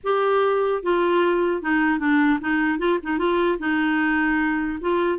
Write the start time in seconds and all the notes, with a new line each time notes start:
0.03 G4
0.82 F4
1.62 D#4
1.99 D4
2.40 D#4
2.78 F4
3.03 D#4
3.18 F4
3.58 D#4
4.80 F4